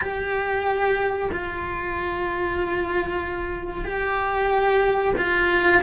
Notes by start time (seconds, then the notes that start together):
0.01 G4
1.31 F4
3.84 G4
5.17 F4